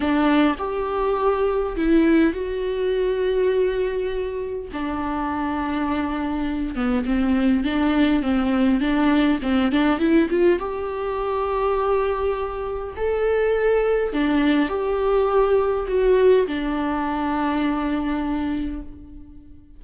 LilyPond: \new Staff \with { instrumentName = "viola" } { \time 4/4 \tempo 4 = 102 d'4 g'2 e'4 | fis'1 | d'2.~ d'8 b8 | c'4 d'4 c'4 d'4 |
c'8 d'8 e'8 f'8 g'2~ | g'2 a'2 | d'4 g'2 fis'4 | d'1 | }